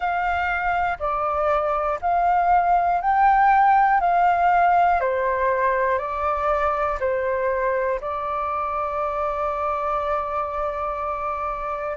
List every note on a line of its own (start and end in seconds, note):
0.00 0.97 F5
0.99 1.99 D5
2.00 3.00 F5
3.00 4.00 G5
4.00 5.00 F5
5.00 5.98 C5
5.98 6.98 D5
7.00 8.00 C5
8.00 11.96 D5